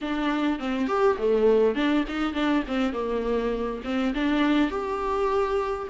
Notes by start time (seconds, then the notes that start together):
0.01 D4
0.59 C4
0.87 G4
1.18 A3
1.75 D4
2.08 D#4
2.33 D4
2.67 C4
2.93 A#3
3.84 C4
4.14 D4
4.70 G4